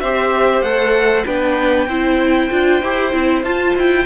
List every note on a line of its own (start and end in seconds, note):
0.00 0.62 C4
0.00 0.66 G4
0.00 1.26 C5
0.00 0.62 E5
0.62 1.24 A3
0.62 1.26 A4
0.62 1.24 F#5
1.26 1.88 B3
1.26 1.88 D4
1.26 1.88 B4
1.26 3.44 G5
1.88 2.50 C4
1.88 2.51 E4
1.88 4.07 C5
2.51 2.82 D4
2.51 2.82 F4
2.82 3.13 E4
2.82 3.12 G4
3.12 3.43 C4
3.12 3.44 E4
3.43 3.75 F4
3.43 4.07 F4
3.43 3.75 A5
3.75 4.07 E4
3.75 4.07 G5